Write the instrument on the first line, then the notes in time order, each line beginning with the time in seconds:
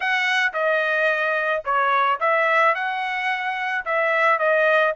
trumpet
0.00 F#5
0.53 D#5
1.64 C#5
2.20 E5
2.74 F#5
3.85 E5
4.38 D#5